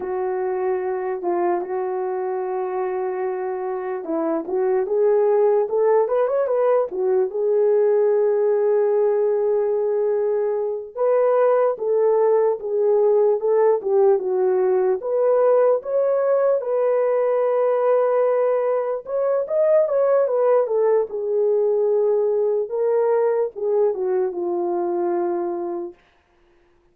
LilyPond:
\new Staff \with { instrumentName = "horn" } { \time 4/4 \tempo 4 = 74 fis'4. f'8 fis'2~ | fis'4 e'8 fis'8 gis'4 a'8 b'16 cis''16 | b'8 fis'8 gis'2.~ | gis'4. b'4 a'4 gis'8~ |
gis'8 a'8 g'8 fis'4 b'4 cis''8~ | cis''8 b'2. cis''8 | dis''8 cis''8 b'8 a'8 gis'2 | ais'4 gis'8 fis'8 f'2 | }